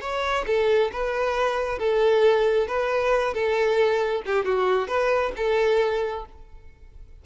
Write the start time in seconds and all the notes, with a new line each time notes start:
0.00 C#5
0.46 A4
0.92 B4
1.78 A4
2.67 B4
3.33 A4
4.25 G4
4.45 F#4
4.87 B4
5.36 A4